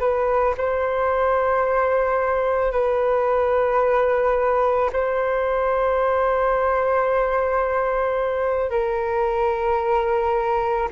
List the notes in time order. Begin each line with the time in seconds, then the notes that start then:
0.00 B4
0.58 C5
2.72 B4
4.93 C5
8.70 A#4